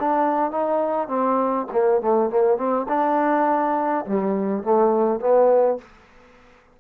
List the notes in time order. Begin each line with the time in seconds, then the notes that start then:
0.00 D4
0.51 D#4
1.08 C4
1.72 A#3
2.01 A3
2.30 A#3
2.57 C4
2.89 D4
4.06 G3
4.63 A3
5.20 B3